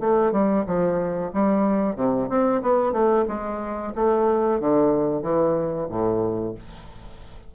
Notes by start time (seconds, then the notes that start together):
0.00 A3
0.32 G3
0.67 F3
1.33 G3
1.96 C3
2.29 C4
2.62 B3
2.93 A3
3.28 G#3
3.95 A3
4.60 D3
5.23 E3
5.90 A2